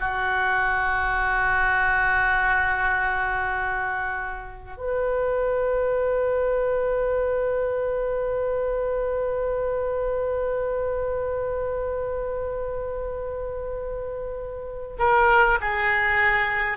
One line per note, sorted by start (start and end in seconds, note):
0.00 4.77 F#4
4.77 14.97 B4
14.98 15.58 A#4
15.61 16.77 G#4